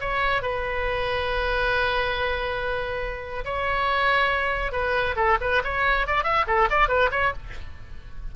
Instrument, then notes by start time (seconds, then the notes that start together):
oboe
0.00 C#5
0.42 B4
3.44 C#5
4.72 B4
5.16 A4
5.41 B4
5.64 C#5
6.07 D5
6.23 E5
6.47 A4
6.70 D5
6.88 B4
7.11 C#5